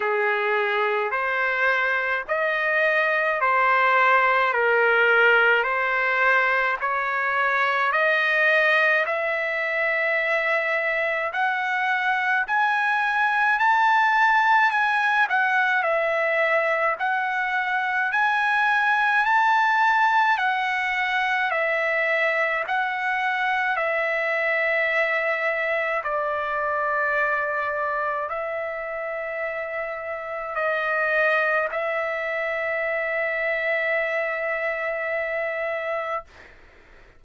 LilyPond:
\new Staff \with { instrumentName = "trumpet" } { \time 4/4 \tempo 4 = 53 gis'4 c''4 dis''4 c''4 | ais'4 c''4 cis''4 dis''4 | e''2 fis''4 gis''4 | a''4 gis''8 fis''8 e''4 fis''4 |
gis''4 a''4 fis''4 e''4 | fis''4 e''2 d''4~ | d''4 e''2 dis''4 | e''1 | }